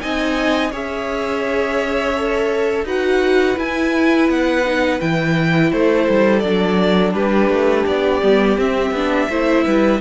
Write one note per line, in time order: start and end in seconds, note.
0.00 0.72 C4
0.00 0.71 D#4
0.00 0.70 D#5
0.00 0.72 G#5
0.70 2.84 C#4
0.70 2.15 G#4
0.70 2.85 C#5
0.70 2.87 E5
2.17 2.86 A4
2.84 3.55 D#4
2.84 3.56 F#4
2.84 5.71 B4
2.84 3.58 F#5
3.56 4.63 E4
3.56 4.28 E4
3.56 4.29 G#5
4.28 5.00 B3
4.28 5.00 F#5
4.65 5.00 D#4
5.00 5.72 E3
5.00 6.42 E4
5.00 5.71 G5
5.71 6.08 A3
5.71 7.14 A4
5.71 6.39 C5
6.09 6.43 G3
6.39 7.13 F#3
6.39 8.21 D4
6.39 7.11 D5
7.13 7.49 G3
7.13 9.28 G4
7.13 7.86 B4
7.49 7.85 A3
7.86 8.22 B3
7.86 8.58 D5
8.21 8.57 G3
8.21 8.57 B3
8.57 8.91 C4
8.57 8.94 C4
8.57 10.00 E5
8.91 9.26 B3
8.91 9.30 D4
9.29 9.65 A3
9.29 10.00 E4
9.29 9.65 C5
9.65 10.00 G3
9.65 10.00 B4